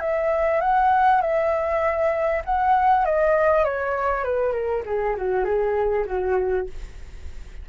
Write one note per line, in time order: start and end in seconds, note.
0.00 0.61 E5
0.61 1.21 F#5
1.21 2.42 E5
2.45 3.05 F#5
3.05 3.64 D#5
3.64 4.24 C#5
4.24 4.53 B4
4.53 4.83 A#4
4.86 5.16 G#4
5.16 5.44 F#4
5.44 6.05 G#4
6.06 6.67 F#4